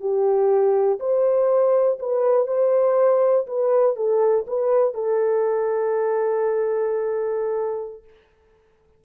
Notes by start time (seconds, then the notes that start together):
0.00 G4
1.00 C5
1.99 B4
2.47 C5
3.47 B4
3.96 A4
4.47 B4
4.94 A4